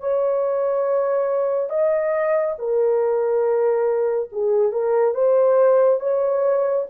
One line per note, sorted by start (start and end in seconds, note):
0.00 1.69 C#5
1.69 2.55 D#5
2.58 4.30 A#4
4.32 4.72 G#4
4.72 5.14 A#4
5.14 6.00 C5
6.00 6.86 C#5